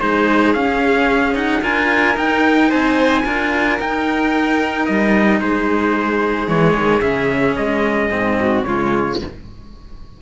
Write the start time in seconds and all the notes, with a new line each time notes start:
0.00 G#3 D#4 G#4 C5
0.54 C#4 F5
1.35 D#4 F#5
1.62 D4 F4 A#4 G#5
2.15 D#4 G5
2.69 C4 C5 G#5
3.24 D4 F4 A#4
3.79 D#4 G5
4.86 G3 D#5
5.41 G#3 G#4 C5
6.47 E3 G#3 C#5
6.75 D#3
7.01 C#3 C#4 E5
7.56 G#3 D#5
8.11 G#2 C4
8.40 F#4
8.63 C#3 G#3 F4 C#5